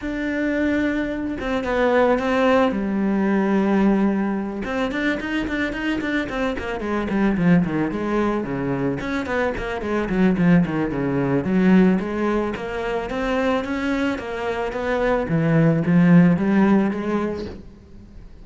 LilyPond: \new Staff \with { instrumentName = "cello" } { \time 4/4 \tempo 4 = 110 d'2~ d'8 c'8 b4 | c'4 g2.~ | g8 c'8 d'8 dis'8 d'8 dis'8 d'8 c'8 | ais8 gis8 g8 f8 dis8 gis4 cis8~ |
cis8 cis'8 b8 ais8 gis8 fis8 f8 dis8 | cis4 fis4 gis4 ais4 | c'4 cis'4 ais4 b4 | e4 f4 g4 gis4 | }